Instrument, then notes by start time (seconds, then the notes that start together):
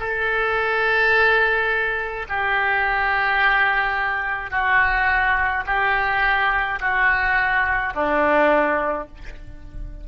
oboe
0.00 A4
2.30 G4
4.51 F#4
5.67 G4
6.80 F#4
7.95 D4